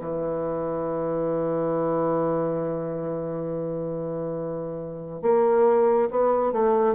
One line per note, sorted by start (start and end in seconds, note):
0.00 5.22 E3
5.22 6.09 A#3
6.10 6.52 B3
6.52 6.95 A3